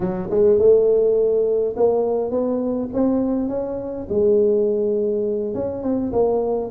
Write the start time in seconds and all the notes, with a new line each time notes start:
0.00 F#3
0.30 G#3
0.58 A3
1.76 A#3
2.30 B3
2.93 C4
3.48 C#4
4.09 G#3
5.54 C#4
5.82 C4
6.12 A#3